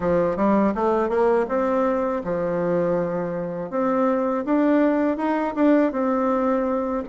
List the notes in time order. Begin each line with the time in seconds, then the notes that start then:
0.00 F3
0.36 G3
0.74 A3
1.09 A#3
1.48 C4
2.24 F3
3.70 C4
4.45 D4
5.17 D#4
5.55 D4
5.92 C4